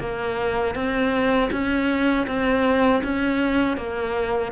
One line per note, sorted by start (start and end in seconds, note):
0.00 0.75 A#3
0.75 1.50 C4
1.52 2.27 C#4
2.27 3.02 C4
3.04 3.77 C#4
3.77 4.52 A#3